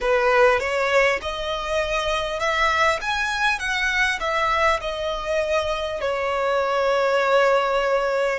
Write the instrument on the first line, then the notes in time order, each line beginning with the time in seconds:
violin
0.01 B4
0.59 C#5
1.21 D#5
2.39 E5
3.01 G#5
3.59 F#5
4.19 E5
4.80 D#5
6.01 C#5